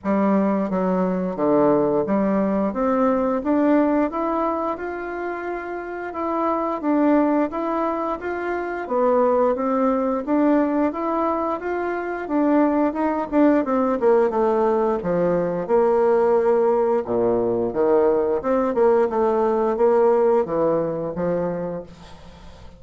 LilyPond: \new Staff \with { instrumentName = "bassoon" } { \time 4/4 \tempo 4 = 88 g4 fis4 d4 g4 | c'4 d'4 e'4 f'4~ | f'4 e'4 d'4 e'4 | f'4 b4 c'4 d'4 |
e'4 f'4 d'4 dis'8 d'8 | c'8 ais8 a4 f4 ais4~ | ais4 ais,4 dis4 c'8 ais8 | a4 ais4 e4 f4 | }